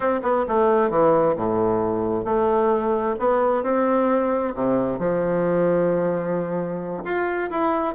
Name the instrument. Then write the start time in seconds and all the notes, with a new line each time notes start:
bassoon
0.00 C4
0.22 B3
0.48 A3
0.89 E3
1.36 A2
2.24 A3
3.19 B3
3.63 C4
4.55 C3
4.98 F3
7.04 F4
7.50 E4